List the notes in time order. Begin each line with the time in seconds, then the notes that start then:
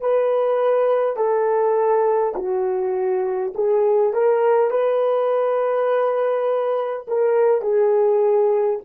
0.00 B4
1.16 A4
2.35 F#4
3.55 G#4
4.13 A#4
4.71 B4
7.07 A#4
7.61 G#4